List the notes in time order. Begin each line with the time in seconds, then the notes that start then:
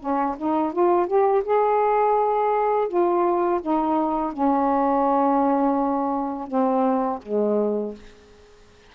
0.00 C#4
0.38 D#4
0.73 F4
1.07 G4
1.45 G#4
2.89 F4
3.62 D#4
4.33 C#4
6.48 C4
7.23 G#3